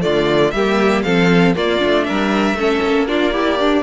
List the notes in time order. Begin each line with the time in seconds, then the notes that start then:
0.00 D3 A3 F4 D5
0.51 G3 A#3 G4 E5
1.02 F3 C4 A4 F5
1.55 A#3 F4 D5
1.79 A3 D4
2.04 A#4 E5
2.10 G3
2.54 A3 C#4
2.60 A4
2.82 A#3
3.08 D4 F4 D5
3.32 E4 G4
3.59 D4